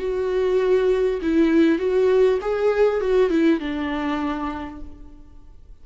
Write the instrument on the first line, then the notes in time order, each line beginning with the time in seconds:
viola
0.00 F#4
1.22 E4
1.79 F#4
2.42 G#4
3.01 F#4
3.31 E4
3.60 D4